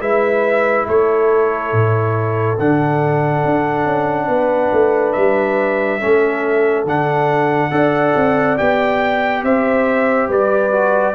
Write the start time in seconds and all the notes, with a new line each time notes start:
0.00 G#3 E4 B4 E5
0.87 A3 A4 C#5
1.72 A2
2.59 D3 D4 F#5
3.45 D4
3.85 C#4
4.27 B3 B4
4.72 A3
5.13 G3 E5
6.00 A3 C#4 A4
6.84 D3 D4 F#5
7.71 D4 A4 D5
8.16 C4
8.57 B3 G4 G5
9.43 C4 C5 E5
10.28 G3 B4 D5
10.72 F#4